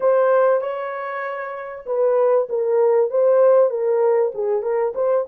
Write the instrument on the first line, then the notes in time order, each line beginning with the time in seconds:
horn
0.00 C5
0.61 C#5
1.86 B4
2.49 A#4
3.10 C5
3.70 A#4
4.34 G#4
4.62 A#4
4.95 C5